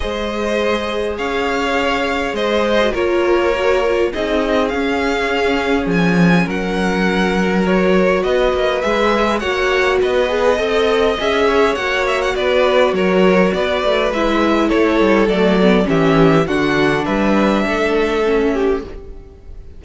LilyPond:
<<
  \new Staff \with { instrumentName = "violin" } { \time 4/4 \tempo 4 = 102 dis''2 f''2 | dis''4 cis''2 dis''4 | f''2 gis''4 fis''4~ | fis''4 cis''4 dis''4 e''4 |
fis''4 dis''2 e''4 | fis''8 e''16 fis''16 d''4 cis''4 d''4 | e''4 cis''4 d''4 e''4 | fis''4 e''2. | }
  \new Staff \with { instrumentName = "violin" } { \time 4/4 c''2 cis''2 | c''4 ais'2 gis'4~ | gis'2. ais'4~ | ais'2 b'2 |
cis''4 b'4 dis''4. cis''8~ | cis''4 b'4 ais'4 b'4~ | b'4 a'2 g'4 | fis'4 b'4 a'4. g'8 | }
  \new Staff \with { instrumentName = "viola" } { \time 4/4 gis'1~ | gis'8. fis'16 f'4 fis'8 f'8 dis'4 | cis'1~ | cis'4 fis'2 gis'4 |
fis'4. gis'8 a'4 gis'4 | fis'1 | e'2 a8 b8 cis'4 | d'2. cis'4 | }
  \new Staff \with { instrumentName = "cello" } { \time 4/4 gis2 cis'2 | gis4 ais2 c'4 | cis'2 f4 fis4~ | fis2 b8 ais8 gis4 |
ais4 b4 c'4 cis'4 | ais4 b4 fis4 b8 a8 | gis4 a8 g8 fis4 e4 | d4 g4 a2 | }
>>